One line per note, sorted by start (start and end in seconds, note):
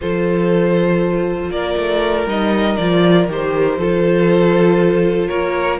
0.01 1.50 F3
0.01 2.27 F4
0.01 1.51 A4
0.01 1.51 C5
1.50 1.75 A#3
1.50 3.78 A#4
1.50 2.27 D5
1.76 2.26 A3
2.26 2.76 G3
2.26 2.78 D#4
2.26 2.76 D#5
2.76 3.28 F3
2.76 3.29 F4
2.76 3.27 D5
3.28 3.77 D#3
3.28 3.78 G4
3.28 5.27 C5
3.77 5.29 F3
3.77 5.79 F4
3.77 5.29 A4
5.27 5.79 A#3
5.27 5.79 A#4
5.27 5.78 C#5